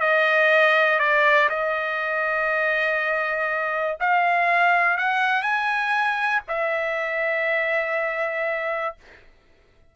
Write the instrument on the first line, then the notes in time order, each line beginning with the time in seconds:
trumpet
0.00 D#5
0.99 D5
1.49 D#5
4.00 F5
4.98 F#5
5.43 G#5
6.48 E5